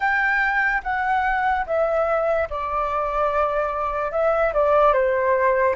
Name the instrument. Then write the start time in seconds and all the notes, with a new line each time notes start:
flute
0.00 G5
0.83 F#5
1.66 E5
2.50 D5
4.11 E5
4.53 D5
4.93 C5